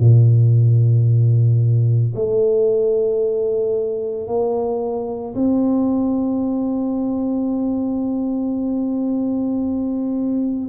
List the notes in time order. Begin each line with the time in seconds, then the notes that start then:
0.00 A#2
2.15 A3
4.27 A#3
5.35 C4